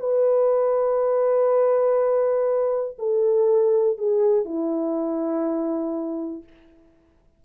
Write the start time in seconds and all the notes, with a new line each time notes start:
0.00 B4
2.99 A4
3.98 G#4
4.45 E4